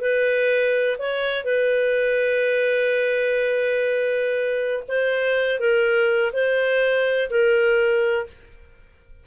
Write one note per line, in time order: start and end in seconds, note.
0.00 0.97 B4
0.98 1.44 C#5
1.44 4.83 B4
4.88 5.59 C5
5.59 6.32 A#4
6.33 7.29 C5
7.29 8.26 A#4